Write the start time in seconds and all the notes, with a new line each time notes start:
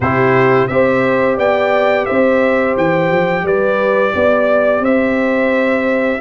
0.00 C3 E4 G4 C5
0.67 C4 G4 C5 E5
1.36 B3 D5 G5
2.05 C4 C5 E5
2.76 E3 G5
3.10 F3
3.42 G3 B4 D5
4.14 B3 D5
4.80 C4 C5 E5